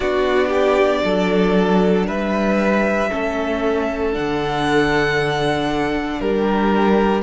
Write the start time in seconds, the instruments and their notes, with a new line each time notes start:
0.00 cello B3, viola D4, violin F#4 D5
0.48 violin G4
1.04 cello F#3, violin A4
2.06 cello G3, violin B4 E5
3.09 cello A3, viola C#4, violin A4
4.12 cello D3, viola D4, violin F#5
6.20 cello G3, violin G4 A#4